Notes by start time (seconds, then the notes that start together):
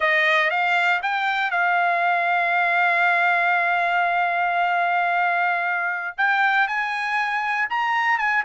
0.00 D#5
0.50 F5
1.02 G5
1.50 F5
6.17 G5
6.67 G#5
7.69 A#5
8.18 G#5